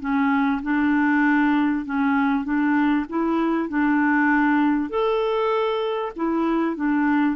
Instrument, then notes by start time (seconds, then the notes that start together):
clarinet
0.00 C#4
0.63 D4
1.85 C#4
2.45 D4
3.09 E4
3.69 D4
4.90 A4
6.16 E4
6.76 D4